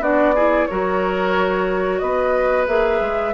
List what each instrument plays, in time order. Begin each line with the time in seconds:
0.00 bassoon B3, clarinet D4, oboe F#4, flute D5
0.35 clarinet E4, oboe G#4
0.67 bassoon F#3, clarinet F#4, oboe A#4, flute C#5
1.99 bassoon B3, oboe B4, flute D#5
2.67 bassoon A#3, clarinet G#4, flute E5
3.00 bassoon G#3